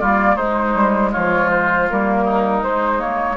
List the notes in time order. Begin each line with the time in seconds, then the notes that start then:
0.00 G3 A#3 F4 D5
0.35 G#3 D#4 C5
0.75 G3
1.12 F3 F4 C#5
1.51 C5
1.90 G3 A#3 A#4
2.24 D#4
2.62 G#3 C5
2.98 A#3 C#5